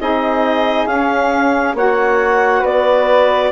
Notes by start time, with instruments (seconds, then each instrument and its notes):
0.00 bassoon C4, saxophone D#4, flute G#4, clarinet D#5
0.86 bassoon C#4, saxophone C#4, clarinet F5
1.74 bassoon A#3, saxophone F#4, flute C#5, clarinet F#5
2.60 bassoon B3, flute B4, clarinet D5